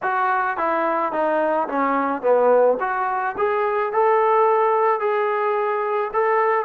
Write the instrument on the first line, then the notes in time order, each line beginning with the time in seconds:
trombone
0.02 F#4
0.57 E4
1.12 D#4
1.68 C#4
2.22 B3
2.80 F#4
3.37 G#4
3.92 A4
4.99 G#4
6.13 A4